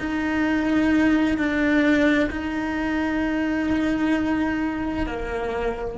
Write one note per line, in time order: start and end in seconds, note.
0.00 1.38 D#4
1.38 2.30 D4
2.31 5.07 D#4
5.07 5.98 A#3